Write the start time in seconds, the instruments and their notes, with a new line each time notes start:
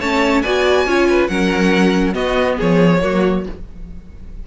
0.00 cello A3, viola C#4, violin C#5 A5
0.42 cello B3, viola F#4, violin D5 G#5
0.86 cello C#4, viola F4, violin C#5
1.10 violin B4
1.28 cello F#3, viola C#4, violin A#4 F#5
2.14 viola B3, cello B3, violin F#4 D#5
2.58 cello F3, violin G#4 C#5
3.02 cello F#3, viola A#3, violin F#4